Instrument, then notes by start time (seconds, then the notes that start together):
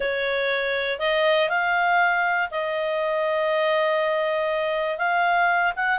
clarinet
0.00 C#5
0.99 D#5
1.49 F5
2.50 D#5
4.97 F5
5.75 F#5